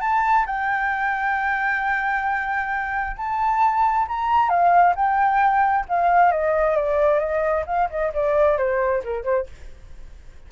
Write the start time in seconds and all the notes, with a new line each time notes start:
0.00 A5
0.45 G5
3.16 A5
4.08 A#5
4.49 F5
4.95 G5
5.88 F5
6.31 D#5
6.76 D5
7.19 D#5
7.66 F5
7.89 D#5
8.13 D5
8.57 C5
9.03 A#4
9.23 C5